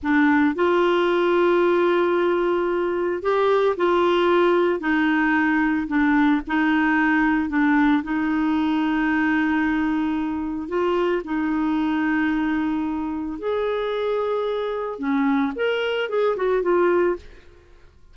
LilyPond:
\new Staff \with { instrumentName = "clarinet" } { \time 4/4 \tempo 4 = 112 d'4 f'2.~ | f'2 g'4 f'4~ | f'4 dis'2 d'4 | dis'2 d'4 dis'4~ |
dis'1 | f'4 dis'2.~ | dis'4 gis'2. | cis'4 ais'4 gis'8 fis'8 f'4 | }